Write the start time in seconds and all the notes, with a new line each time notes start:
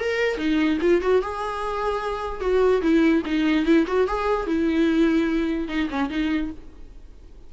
0.00 A#4
0.37 D#4
0.81 F4
1.01 F#4
1.22 G#4
2.41 F#4
2.82 E4
3.25 D#4
3.66 E4
3.87 F#4
4.07 G#4
4.47 E4
5.68 D#4
5.90 C#4
6.10 D#4